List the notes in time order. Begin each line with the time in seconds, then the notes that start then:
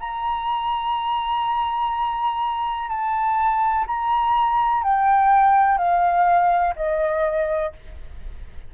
0.00 A#5
2.89 A5
3.87 A#5
4.83 G5
5.78 F5
6.76 D#5